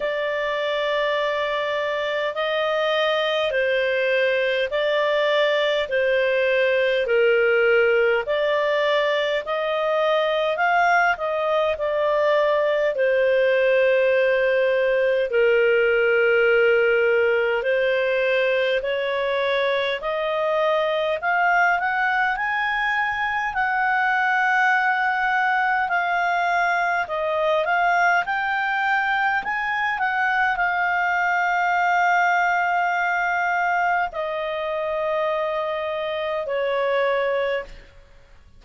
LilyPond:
\new Staff \with { instrumentName = "clarinet" } { \time 4/4 \tempo 4 = 51 d''2 dis''4 c''4 | d''4 c''4 ais'4 d''4 | dis''4 f''8 dis''8 d''4 c''4~ | c''4 ais'2 c''4 |
cis''4 dis''4 f''8 fis''8 gis''4 | fis''2 f''4 dis''8 f''8 | g''4 gis''8 fis''8 f''2~ | f''4 dis''2 cis''4 | }